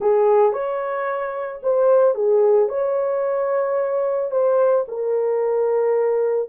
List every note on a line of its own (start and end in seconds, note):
0.00 0.52 G#4
0.52 1.60 C#5
1.62 2.14 C5
2.14 2.69 G#4
2.69 4.31 C#5
4.31 4.85 C5
4.88 6.49 A#4